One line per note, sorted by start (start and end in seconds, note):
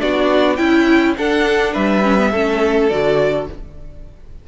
0.00 0.59 B3
0.00 0.58 D4
0.00 0.58 F#4
0.00 0.57 D5
0.57 1.17 C#4
0.57 1.16 E4
0.57 1.14 G5
1.18 2.04 D4
1.18 1.76 D4
1.18 1.73 A4
1.18 1.74 F#5
1.73 2.34 G3
1.73 2.31 B4
1.73 2.90 E5
2.04 2.18 C#4
2.18 2.32 B3
2.32 2.91 A3
2.32 2.91 C#4
2.32 3.48 A4
2.90 3.49 D3
2.90 3.49 F#4
2.90 3.47 D5